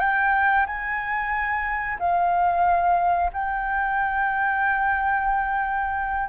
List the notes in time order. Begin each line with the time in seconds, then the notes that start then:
0.00 G5
0.67 G#5
1.99 F5
3.33 G5